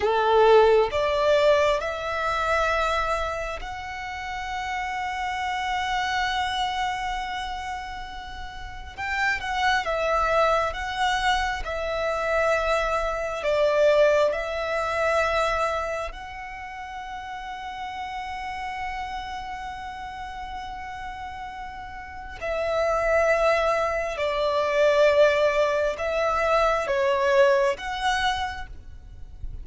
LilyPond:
\new Staff \with { instrumentName = "violin" } { \time 4/4 \tempo 4 = 67 a'4 d''4 e''2 | fis''1~ | fis''2 g''8 fis''8 e''4 | fis''4 e''2 d''4 |
e''2 fis''2~ | fis''1~ | fis''4 e''2 d''4~ | d''4 e''4 cis''4 fis''4 | }